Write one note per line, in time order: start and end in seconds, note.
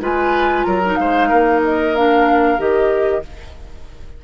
0.00 0.65 G#3
0.00 0.82 F4
0.00 0.66 B4
0.00 0.64 G#5
0.64 0.98 F#3
0.64 0.99 A#4
0.64 0.96 A#5
0.85 1.96 D#4
0.96 1.31 G#3
0.96 1.28 C5
0.96 1.60 F5
1.28 2.58 A#3
1.28 3.22 A#4
1.64 1.95 D#5
1.95 2.58 D4
1.95 2.60 F5
2.58 3.23 D#3
2.58 3.22 G4
2.58 3.24 D#5